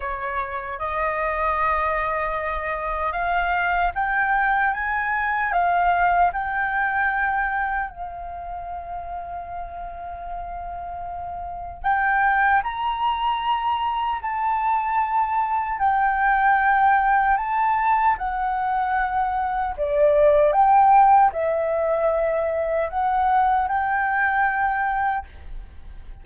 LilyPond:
\new Staff \with { instrumentName = "flute" } { \time 4/4 \tempo 4 = 76 cis''4 dis''2. | f''4 g''4 gis''4 f''4 | g''2 f''2~ | f''2. g''4 |
ais''2 a''2 | g''2 a''4 fis''4~ | fis''4 d''4 g''4 e''4~ | e''4 fis''4 g''2 | }